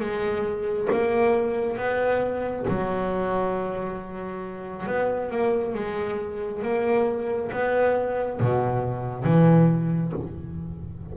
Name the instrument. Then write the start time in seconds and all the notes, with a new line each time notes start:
double bass
0.00 G#3
0.92 A#3
1.77 B3
2.68 F#3
4.86 B3
5.31 A#3
5.74 G#3
6.63 A#3
7.52 B3
8.40 B2
9.24 E3